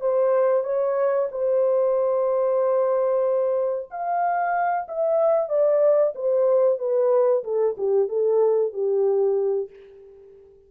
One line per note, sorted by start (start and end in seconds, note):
0.00 0.64 C5
0.64 1.28 C#5
1.31 3.89 C5
3.90 4.87 F5
4.88 5.49 E5
5.49 6.13 D5
6.15 6.78 C5
6.78 7.43 B4
7.43 7.76 A4
7.77 8.08 G4
8.08 8.73 A4
8.73 9.69 G4